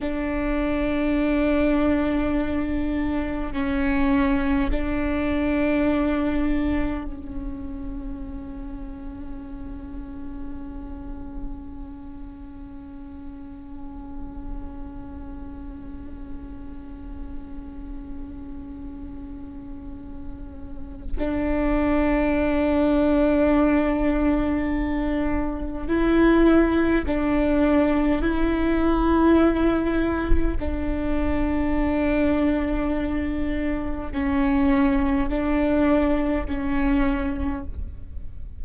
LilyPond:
\new Staff \with { instrumentName = "viola" } { \time 4/4 \tempo 4 = 51 d'2. cis'4 | d'2 cis'2~ | cis'1~ | cis'1~ |
cis'2 d'2~ | d'2 e'4 d'4 | e'2 d'2~ | d'4 cis'4 d'4 cis'4 | }